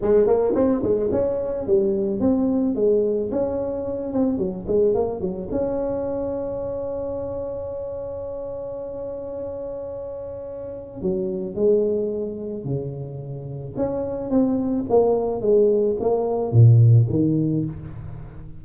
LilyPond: \new Staff \with { instrumentName = "tuba" } { \time 4/4 \tempo 4 = 109 gis8 ais8 c'8 gis8 cis'4 g4 | c'4 gis4 cis'4. c'8 | fis8 gis8 ais8 fis8 cis'2~ | cis'1~ |
cis'1 | fis4 gis2 cis4~ | cis4 cis'4 c'4 ais4 | gis4 ais4 ais,4 dis4 | }